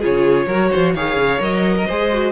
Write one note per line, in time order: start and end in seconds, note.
0.00 0.47 C#3
0.00 0.48 F4
0.00 0.46 G#4
0.00 0.96 C#5
0.47 0.70 F#3
0.47 0.97 F#4
0.47 0.70 A#4
0.71 0.95 F3
0.71 0.94 C5
0.94 1.17 D#3
0.94 1.39 G#4
0.94 1.75 C#5
0.94 1.42 F5
1.17 1.40 C#3
1.39 1.87 F#3
1.39 1.85 A#4
1.39 2.32 D#5
1.77 1.87 A#4
1.87 2.32 G#3
1.87 2.12 G#4
1.87 2.32 C5
2.12 2.32 F#4